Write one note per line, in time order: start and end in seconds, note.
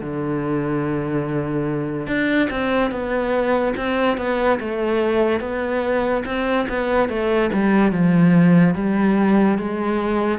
0.00 2.06 D3
2.06 2.48 D4
2.50 2.91 C4
2.91 3.74 B3
3.76 4.17 C4
4.17 4.59 B3
4.59 5.40 A3
5.40 6.23 B3
6.25 6.67 C4
6.68 7.08 B3
7.08 7.50 A3
7.53 7.91 G3
7.91 8.74 F3
8.74 9.58 G3
9.58 10.38 G#3